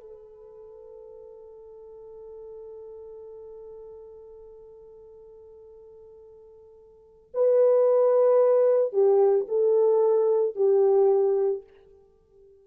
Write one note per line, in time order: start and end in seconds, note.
0.00 7.30 A4
7.34 8.92 B4
8.92 9.46 G4
9.48 10.55 A4
10.55 11.63 G4